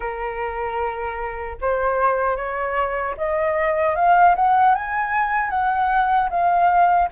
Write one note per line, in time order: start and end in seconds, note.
0.00 1.57 A#4
1.61 2.36 C5
2.36 3.15 C#5
3.17 3.95 D#5
3.95 4.35 F5
4.35 4.74 F#5
4.74 5.50 G#5
5.50 6.29 F#5
6.29 7.08 F5